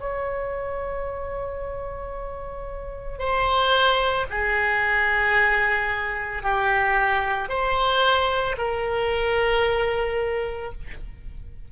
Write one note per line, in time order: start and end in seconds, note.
0.00 3.19 C#5
3.19 4.26 C5
4.30 6.42 G#4
6.42 7.49 G4
7.49 8.56 C5
8.58 10.72 A#4